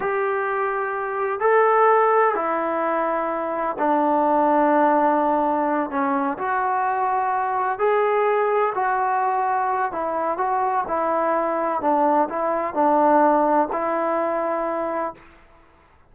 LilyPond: \new Staff \with { instrumentName = "trombone" } { \time 4/4 \tempo 4 = 127 g'2. a'4~ | a'4 e'2. | d'1~ | d'8 cis'4 fis'2~ fis'8~ |
fis'8 gis'2 fis'4.~ | fis'4 e'4 fis'4 e'4~ | e'4 d'4 e'4 d'4~ | d'4 e'2. | }